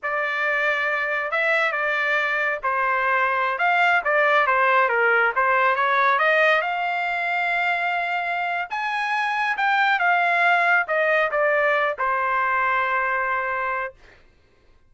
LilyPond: \new Staff \with { instrumentName = "trumpet" } { \time 4/4 \tempo 4 = 138 d''2. e''4 | d''2 c''2~ | c''16 f''4 d''4 c''4 ais'8.~ | ais'16 c''4 cis''4 dis''4 f''8.~ |
f''1 | gis''2 g''4 f''4~ | f''4 dis''4 d''4. c''8~ | c''1 | }